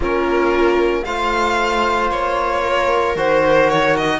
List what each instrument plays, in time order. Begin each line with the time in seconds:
0.00 cello A#3, trombone C#4, viola F4, violin A#4
1.04 cello A3, trombone F4, viola C5, violin F5
2.10 cello A#3, violin C#5
2.62 viola A#4
3.15 cello D#3, trombone F#4, violin C5
3.70 violin C#5
3.96 violin D#5